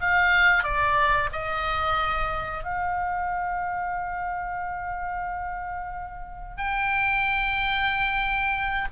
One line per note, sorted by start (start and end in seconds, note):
0.00 0.63 F5
0.63 1.29 D5
1.32 2.64 D#5
2.64 6.57 F5
6.57 8.87 G5